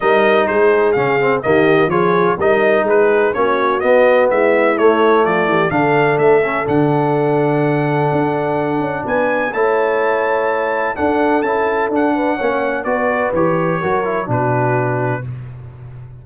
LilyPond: <<
  \new Staff \with { instrumentName = "trumpet" } { \time 4/4 \tempo 4 = 126 dis''4 c''4 f''4 dis''4 | cis''4 dis''4 b'4 cis''4 | dis''4 e''4 cis''4 d''4 | f''4 e''4 fis''2~ |
fis''2. gis''4 | a''2. fis''4 | a''4 fis''2 d''4 | cis''2 b'2 | }
  \new Staff \with { instrumentName = "horn" } { \time 4/4 ais'4 gis'2 g'4 | gis'4 ais'4 gis'4 fis'4~ | fis'4 e'2 f'8 g'8 | a'1~ |
a'2. b'4 | cis''2. a'4~ | a'4. b'8 cis''4 b'4~ | b'4 ais'4 fis'2 | }
  \new Staff \with { instrumentName = "trombone" } { \time 4/4 dis'2 cis'8 c'8 ais4 | f'4 dis'2 cis'4 | b2 a2 | d'4. cis'8 d'2~ |
d'1 | e'2. d'4 | e'4 d'4 cis'4 fis'4 | g'4 fis'8 e'8 d'2 | }
  \new Staff \with { instrumentName = "tuba" } { \time 4/4 g4 gis4 cis4 dis4 | f4 g4 gis4 ais4 | b4 gis4 a4 f8 e8 | d4 a4 d2~ |
d4 d'4. cis'8 b4 | a2. d'4 | cis'4 d'4 ais4 b4 | e4 fis4 b,2 | }
>>